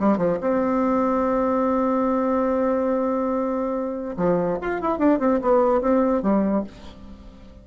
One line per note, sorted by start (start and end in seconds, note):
0.00 0.18 G3
0.18 0.39 F3
0.41 4.16 C4
4.17 4.59 F3
4.61 4.81 F4
4.81 4.99 E4
4.99 5.20 D4
5.20 5.41 C4
5.42 5.82 B3
5.82 6.23 C4
6.23 6.64 G3